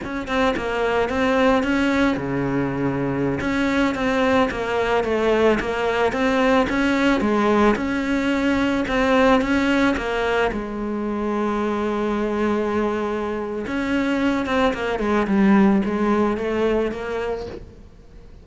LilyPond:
\new Staff \with { instrumentName = "cello" } { \time 4/4 \tempo 4 = 110 cis'8 c'8 ais4 c'4 cis'4 | cis2~ cis16 cis'4 c'8.~ | c'16 ais4 a4 ais4 c'8.~ | c'16 cis'4 gis4 cis'4.~ cis'16~ |
cis'16 c'4 cis'4 ais4 gis8.~ | gis1~ | gis4 cis'4. c'8 ais8 gis8 | g4 gis4 a4 ais4 | }